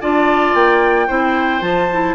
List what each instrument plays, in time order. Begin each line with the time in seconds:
0.00 bassoon D4, clarinet F4, oboe D5, flute A5
0.54 bassoon A#3, flute G5
1.07 bassoon C4, clarinet E4, oboe C5
1.60 bassoon F3, clarinet F4, flute A5
1.91 clarinet E4